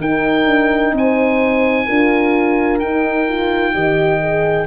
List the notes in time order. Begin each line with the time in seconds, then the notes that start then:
0.00 D#4 A#4 G5
0.46 D4
0.92 C4 C5 G#5
1.87 D4 F4 A#4
2.80 D#4 G5
3.29 F4
3.74 D#3 G4 D#5
4.21 G#4